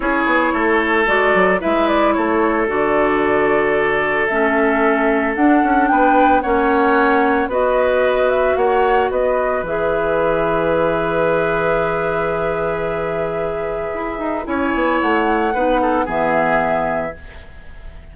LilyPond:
<<
  \new Staff \with { instrumentName = "flute" } { \time 4/4 \tempo 4 = 112 cis''2 d''4 e''8 d''8 | cis''4 d''2. | e''2 fis''4 g''4 | fis''2 dis''4. e''8 |
fis''4 dis''4 e''2~ | e''1~ | e''2. gis''4 | fis''2 e''2 | }
  \new Staff \with { instrumentName = "oboe" } { \time 4/4 gis'4 a'2 b'4 | a'1~ | a'2. b'4 | cis''2 b'2 |
cis''4 b'2.~ | b'1~ | b'2. cis''4~ | cis''4 b'8 a'8 gis'2 | }
  \new Staff \with { instrumentName = "clarinet" } { \time 4/4 e'2 fis'4 e'4~ | e'4 fis'2. | cis'2 d'2 | cis'2 fis'2~ |
fis'2 gis'2~ | gis'1~ | gis'2. e'4~ | e'4 dis'4 b2 | }
  \new Staff \with { instrumentName = "bassoon" } { \time 4/4 cis'8 b8 a4 gis8 fis8 gis4 | a4 d2. | a2 d'8 cis'8 b4 | ais2 b2 |
ais4 b4 e2~ | e1~ | e2 e'8 dis'8 cis'8 b8 | a4 b4 e2 | }
>>